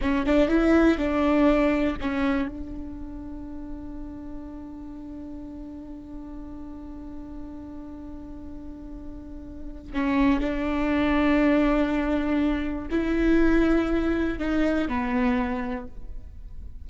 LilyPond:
\new Staff \with { instrumentName = "viola" } { \time 4/4 \tempo 4 = 121 cis'8 d'8 e'4 d'2 | cis'4 d'2.~ | d'1~ | d'1~ |
d'1 | cis'4 d'2.~ | d'2 e'2~ | e'4 dis'4 b2 | }